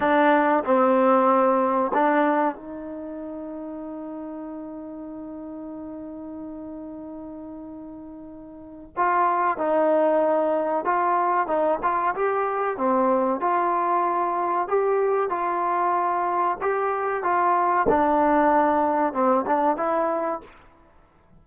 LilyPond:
\new Staff \with { instrumentName = "trombone" } { \time 4/4 \tempo 4 = 94 d'4 c'2 d'4 | dis'1~ | dis'1~ | dis'2 f'4 dis'4~ |
dis'4 f'4 dis'8 f'8 g'4 | c'4 f'2 g'4 | f'2 g'4 f'4 | d'2 c'8 d'8 e'4 | }